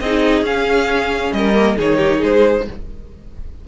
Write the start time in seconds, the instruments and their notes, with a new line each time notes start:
0.00 cello C4, viola D#4, violin G#4 D#5
0.41 cello C#4, viola C#4, violin F5
1.32 cello G3, violin A#4 D#5
1.53 viola A#3
1.76 cello D#3, viola D#4, violin G#4 C#5
1.97 violin G4
2.18 cello G#3, violin G#4 C5